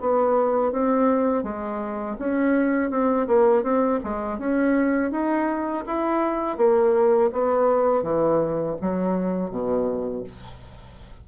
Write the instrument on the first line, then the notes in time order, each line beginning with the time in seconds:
bassoon
0.00 B3
0.72 C4
1.43 G#3
2.19 C#4
2.90 C4
3.27 A#3
3.63 C4
4.03 G#3
4.38 C#4
5.11 D#4
5.86 E4
6.57 A#3
7.32 B3
8.03 E3
8.81 F#3
9.50 B2